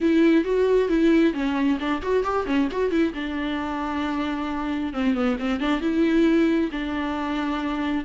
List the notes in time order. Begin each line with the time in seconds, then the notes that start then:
0.01 E4
0.44 F#4
0.89 E4
1.33 C#4
1.79 D4
2.01 F#4
2.23 G4
2.45 C#4
2.71 F#4
2.91 E4
3.14 D4
4.93 C4
5.14 B3
5.39 C4
5.60 D4
5.80 E4
6.71 D4